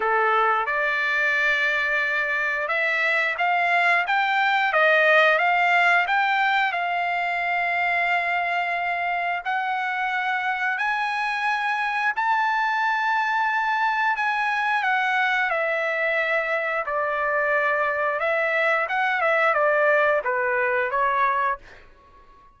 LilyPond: \new Staff \with { instrumentName = "trumpet" } { \time 4/4 \tempo 4 = 89 a'4 d''2. | e''4 f''4 g''4 dis''4 | f''4 g''4 f''2~ | f''2 fis''2 |
gis''2 a''2~ | a''4 gis''4 fis''4 e''4~ | e''4 d''2 e''4 | fis''8 e''8 d''4 b'4 cis''4 | }